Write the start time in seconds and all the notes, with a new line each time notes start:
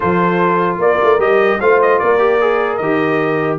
0.00 F3 F4 A4 C5
0.78 A#3 A#4 D5
1.03 A3
1.18 G3 G4 D#5
1.60 A3 F4 C5 F5
1.81 D#5
1.98 A#3 A#4 D5
2.18 G4
2.40 G#4
2.77 D#3 G4 D#5